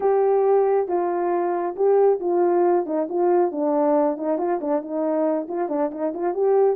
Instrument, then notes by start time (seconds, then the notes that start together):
horn
0.00 G4
0.87 F4
1.75 G4
2.20 F4
2.85 D#4
3.09 F4
3.51 D4
4.17 D#4
4.38 F4
4.60 D4
4.81 D#4
5.48 F4
5.68 D4
5.91 D#4
6.14 F4
6.34 G4